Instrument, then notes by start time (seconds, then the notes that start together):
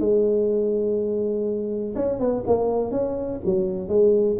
tuba
0.00 G#3
1.96 C#4
2.20 B3
2.47 A#3
2.92 C#4
3.45 F#3
3.89 G#3